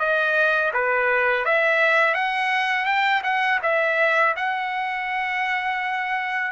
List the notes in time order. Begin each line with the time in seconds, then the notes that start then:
0.00 D#5
0.74 B4
1.45 E5
2.15 F#5
2.86 G5
3.24 F#5
3.63 E5
4.37 F#5